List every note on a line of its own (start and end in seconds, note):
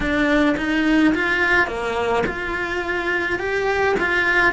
0.00 0.55 D4
0.57 1.13 D#4
1.14 1.67 F4
1.67 2.23 A#3
2.26 3.39 F4
3.39 3.95 G4
3.99 4.52 F4